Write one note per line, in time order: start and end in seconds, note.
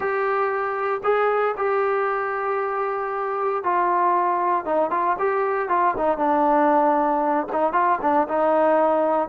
0.00 1.01 G4
1.03 1.55 G#4
1.57 3.63 G4
3.63 4.65 F4
4.65 4.90 D#4
4.90 5.16 F4
5.19 5.68 G4
5.68 5.94 F4
5.97 6.17 D#4
6.17 7.46 D4
7.52 7.72 D#4
7.72 7.98 F4
8.01 8.27 D4
8.28 9.28 D#4